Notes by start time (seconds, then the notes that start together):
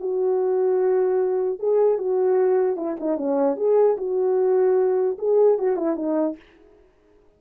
0.00 F#4
1.59 G#4
1.98 F#4
2.76 E4
3.00 D#4
3.17 C#4
3.56 G#4
3.97 F#4
5.18 G#4
5.58 F#4
5.76 E4
5.96 D#4